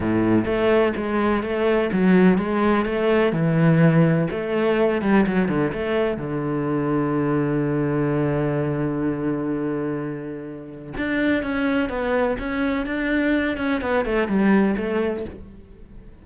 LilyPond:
\new Staff \with { instrumentName = "cello" } { \time 4/4 \tempo 4 = 126 a,4 a4 gis4 a4 | fis4 gis4 a4 e4~ | e4 a4. g8 fis8 d8 | a4 d2.~ |
d1~ | d2. d'4 | cis'4 b4 cis'4 d'4~ | d'8 cis'8 b8 a8 g4 a4 | }